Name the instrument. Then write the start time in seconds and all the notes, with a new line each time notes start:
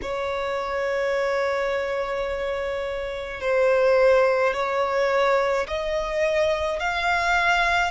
violin
0.02 C#5
3.41 C5
4.53 C#5
5.67 D#5
6.79 F5